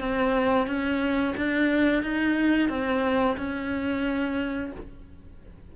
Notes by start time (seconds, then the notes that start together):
0.00 C4
0.67 C#4
1.37 D4
2.03 D#4
2.69 C4
3.37 C#4